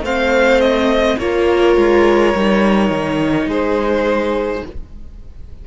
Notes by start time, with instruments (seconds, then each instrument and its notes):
0.00 cello A3, viola C4, violin C5 F5
0.61 violin D#5
1.19 cello A#3, viola F4, violin A#4 C#5
1.77 cello G#3
2.36 cello G3, viola D#4
2.90 cello D#3
3.47 cello G#3, violin G#4 C5